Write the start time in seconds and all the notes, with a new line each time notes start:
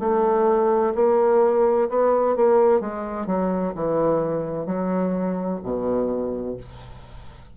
0.00 A3
0.95 A#3
1.89 B3
2.36 A#3
2.80 G#3
3.26 F#3
3.75 E3
4.67 F#3
5.63 B2